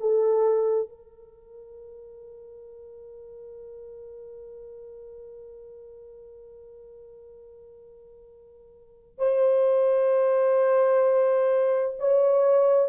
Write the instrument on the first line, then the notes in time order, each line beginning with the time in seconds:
horn
0.00 A4
0.89 A#4
9.18 C5
12.00 C#5